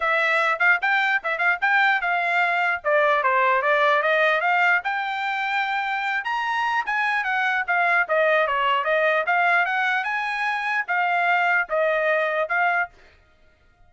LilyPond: \new Staff \with { instrumentName = "trumpet" } { \time 4/4 \tempo 4 = 149 e''4. f''8 g''4 e''8 f''8 | g''4 f''2 d''4 | c''4 d''4 dis''4 f''4 | g''2.~ g''8 ais''8~ |
ais''4 gis''4 fis''4 f''4 | dis''4 cis''4 dis''4 f''4 | fis''4 gis''2 f''4~ | f''4 dis''2 f''4 | }